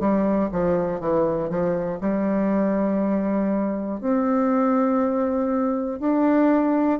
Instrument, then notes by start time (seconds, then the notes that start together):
bassoon
0.00 G3
0.51 F3
1.00 E3
1.49 F3
2.01 G3
4.00 C4
6.00 D4